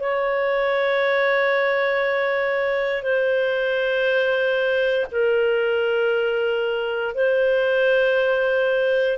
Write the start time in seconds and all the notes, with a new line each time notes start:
0.00 C#5
3.03 C5
5.12 A#4
7.15 C5